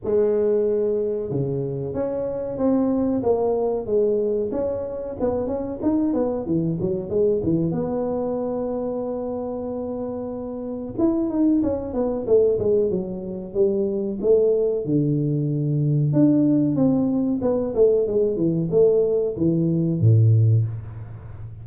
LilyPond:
\new Staff \with { instrumentName = "tuba" } { \time 4/4 \tempo 4 = 93 gis2 cis4 cis'4 | c'4 ais4 gis4 cis'4 | b8 cis'8 dis'8 b8 e8 fis8 gis8 e8 | b1~ |
b4 e'8 dis'8 cis'8 b8 a8 gis8 | fis4 g4 a4 d4~ | d4 d'4 c'4 b8 a8 | gis8 e8 a4 e4 a,4 | }